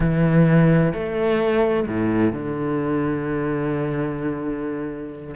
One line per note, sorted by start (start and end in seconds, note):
0.00 0.93 E3
0.93 1.86 A3
1.87 2.32 A2
2.32 5.35 D3